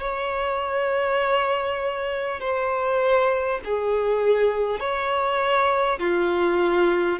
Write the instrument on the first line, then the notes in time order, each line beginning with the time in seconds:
violin
0.00 C#5
2.40 C5
3.64 G#4
4.79 C#5
5.98 F4